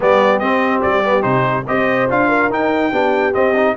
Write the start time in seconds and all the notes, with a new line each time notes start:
0.00 G3 B3 G4 D5
0.39 C4 D#5
0.82 G3 D5
1.04 B3
1.21 C3 D#4 C5
1.66 C4 G4 C5 D#5
2.09 D4 F4 F5
2.28 A#4
2.50 D#4 G5
2.92 B3 D4 G4
3.32 C4 D#5
3.55 D#4